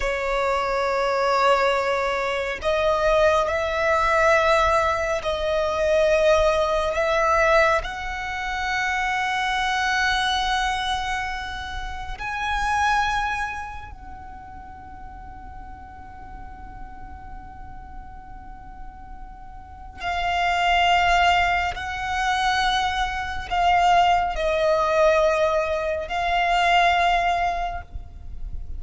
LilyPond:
\new Staff \with { instrumentName = "violin" } { \time 4/4 \tempo 4 = 69 cis''2. dis''4 | e''2 dis''2 | e''4 fis''2.~ | fis''2 gis''2 |
fis''1~ | fis''2. f''4~ | f''4 fis''2 f''4 | dis''2 f''2 | }